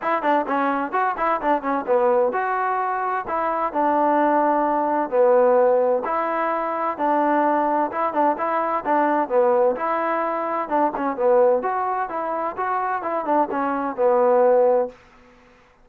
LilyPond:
\new Staff \with { instrumentName = "trombone" } { \time 4/4 \tempo 4 = 129 e'8 d'8 cis'4 fis'8 e'8 d'8 cis'8 | b4 fis'2 e'4 | d'2. b4~ | b4 e'2 d'4~ |
d'4 e'8 d'8 e'4 d'4 | b4 e'2 d'8 cis'8 | b4 fis'4 e'4 fis'4 | e'8 d'8 cis'4 b2 | }